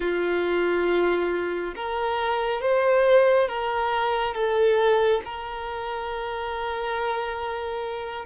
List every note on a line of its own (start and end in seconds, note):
0.00 1.74 F4
1.75 2.61 A#4
2.61 3.48 C5
3.48 4.34 A#4
4.34 5.21 A4
5.24 8.25 A#4